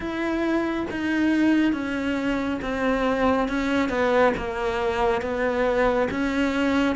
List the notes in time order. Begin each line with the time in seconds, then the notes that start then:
0.00 E4
0.90 D#4
1.72 C#4
2.61 C4
3.48 C#4
3.89 B3
4.37 A#3
5.21 B3
6.11 C#4